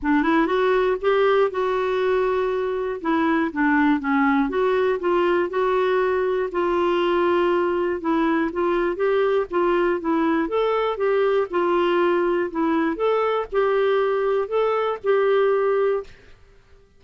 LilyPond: \new Staff \with { instrumentName = "clarinet" } { \time 4/4 \tempo 4 = 120 d'8 e'8 fis'4 g'4 fis'4~ | fis'2 e'4 d'4 | cis'4 fis'4 f'4 fis'4~ | fis'4 f'2. |
e'4 f'4 g'4 f'4 | e'4 a'4 g'4 f'4~ | f'4 e'4 a'4 g'4~ | g'4 a'4 g'2 | }